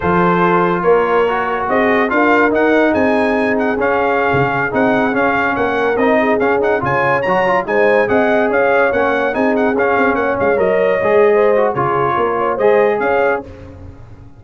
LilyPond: <<
  \new Staff \with { instrumentName = "trumpet" } { \time 4/4 \tempo 4 = 143 c''2 cis''2 | dis''4 f''4 fis''4 gis''4~ | gis''8 fis''8 f''2~ f''16 fis''8.~ | fis''16 f''4 fis''4 dis''4 f''8 fis''16~ |
fis''16 gis''4 ais''4 gis''4 fis''8.~ | fis''16 f''4 fis''4 gis''8 fis''8 f''8.~ | f''16 fis''8 f''8 dis''2~ dis''8. | cis''2 dis''4 f''4 | }
  \new Staff \with { instrumentName = "horn" } { \time 4/4 a'2 ais'2 | gis'4 ais'2 gis'4~ | gis'1~ | gis'4~ gis'16 ais'4. gis'4~ gis'16~ |
gis'16 cis''2 c''4 dis''8.~ | dis''16 cis''2 gis'4.~ gis'16~ | gis'16 cis''2~ cis''8. c''4 | gis'4 ais'8 cis''8 c''4 cis''4 | }
  \new Staff \with { instrumentName = "trombone" } { \time 4/4 f'2. fis'4~ | fis'4 f'4 dis'2~ | dis'4 cis'2~ cis'16 dis'8.~ | dis'16 cis'2 dis'4 cis'8 dis'16~ |
dis'16 f'4 fis'8 f'8 dis'4 gis'8.~ | gis'4~ gis'16 cis'4 dis'4 cis'8.~ | cis'4~ cis'16 ais'4 gis'4~ gis'16 fis'8 | f'2 gis'2 | }
  \new Staff \with { instrumentName = "tuba" } { \time 4/4 f2 ais2 | c'4 d'4 dis'4 c'4~ | c'4 cis'4~ cis'16 cis4 c'8.~ | c'16 cis'4 ais4 c'4 cis'8.~ |
cis'16 cis4 fis4 gis4 c'8.~ | c'16 cis'4 ais4 c'4 cis'8 c'16~ | c'16 ais8 gis8 fis4 gis4.~ gis16 | cis4 ais4 gis4 cis'4 | }
>>